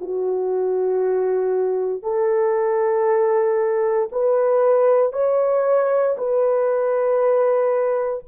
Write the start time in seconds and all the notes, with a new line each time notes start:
0.00 F#4
2.02 A4
4.11 B4
5.12 C#5
6.17 B4